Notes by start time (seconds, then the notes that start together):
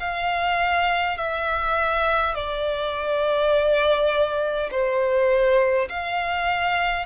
0.00 F5
1.18 E5
2.35 D5
4.72 C5
5.89 F5